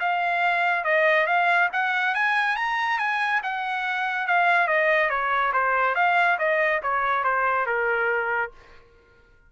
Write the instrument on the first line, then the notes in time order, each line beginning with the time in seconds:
trumpet
0.00 F5
0.84 D#5
1.27 F5
1.73 F#5
2.15 G#5
2.56 A#5
2.99 G#5
3.43 F#5
4.27 F5
4.68 D#5
5.10 C#5
5.53 C5
5.95 F5
6.39 D#5
6.83 C#5
7.24 C5
7.67 A#4